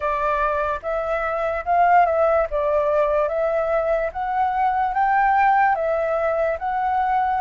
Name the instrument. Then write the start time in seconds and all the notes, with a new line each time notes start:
flute
0.00 D5
0.82 E5
1.65 F5
2.05 E5
2.50 D5
3.28 E5
4.12 F#5
4.94 G5
5.75 E5
6.59 F#5